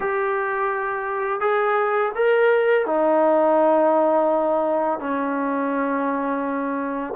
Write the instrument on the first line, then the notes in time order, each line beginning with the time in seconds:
trombone
0.00 G4
1.40 G#4
2.15 A#4
2.86 D#4
4.99 C#4